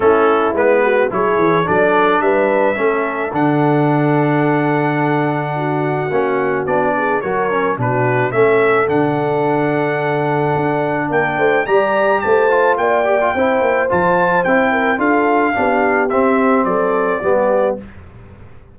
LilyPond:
<<
  \new Staff \with { instrumentName = "trumpet" } { \time 4/4 \tempo 4 = 108 a'4 b'4 cis''4 d''4 | e''2 fis''2~ | fis''1 | d''4 cis''4 b'4 e''4 |
fis''1 | g''4 ais''4 a''4 g''4~ | g''4 a''4 g''4 f''4~ | f''4 e''4 d''2 | }
  \new Staff \with { instrumentName = "horn" } { \time 4/4 e'4. fis'8 gis'4 a'4 | b'4 a'2.~ | a'2 fis'2~ | fis'8 gis'8 ais'4 fis'4 a'4~ |
a'1 | ais'8 c''8 d''4 c''4 d''4 | c''2~ c''8 ais'8 a'4 | g'2 a'4 g'4 | }
  \new Staff \with { instrumentName = "trombone" } { \time 4/4 cis'4 b4 e'4 d'4~ | d'4 cis'4 d'2~ | d'2. cis'4 | d'4 fis'8 cis'8 d'4 cis'4 |
d'1~ | d'4 g'4. f'4 g'16 f'16 | e'4 f'4 e'4 f'4 | d'4 c'2 b4 | }
  \new Staff \with { instrumentName = "tuba" } { \time 4/4 a4 gis4 fis8 e8 fis4 | g4 a4 d2~ | d2. ais4 | b4 fis4 b,4 a4 |
d2. d'4 | ais8 a8 g4 a4 ais4 | c'8 ais8 f4 c'4 d'4 | b4 c'4 fis4 g4 | }
>>